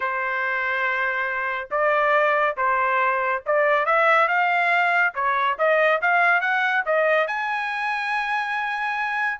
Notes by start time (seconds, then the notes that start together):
0.00 C5
1.70 D5
2.57 C5
3.46 D5
3.85 E5
4.28 F5
5.14 C#5
5.58 D#5
6.01 F5
6.40 F#5
6.85 D#5
7.27 G#5